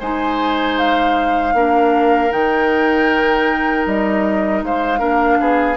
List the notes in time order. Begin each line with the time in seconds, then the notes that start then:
0.00 G#3 D#4 C5 G#5
0.79 F5
1.54 A#3 D4 A#4
2.30 D#3 D#4 G5
3.86 G3 D#5
4.62 G#3 C5 F5
4.99 A#3 D4 A#4
5.40 B3 G#4